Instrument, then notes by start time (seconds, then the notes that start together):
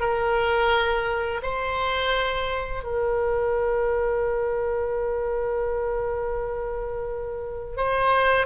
oboe
0.00 A#4
1.42 C5
2.83 A#4
7.77 C5